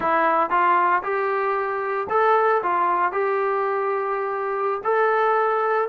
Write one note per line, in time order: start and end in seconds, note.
0.00 0.50 E4
0.50 1.02 F4
1.03 2.07 G4
2.09 2.62 A4
2.62 3.12 F4
3.12 4.81 G4
4.84 5.88 A4